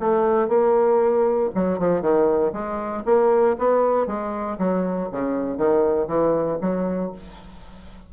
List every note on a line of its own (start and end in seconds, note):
0.00 0.49 A3
0.49 1.50 A#3
1.55 1.79 F#3
1.79 2.02 F3
2.02 2.53 D#3
2.53 3.04 G#3
3.06 3.57 A#3
3.59 4.07 B3
4.07 4.58 G#3
4.59 5.10 F#3
5.12 5.58 C#3
5.58 6.08 D#3
6.08 6.59 E3
6.61 7.12 F#3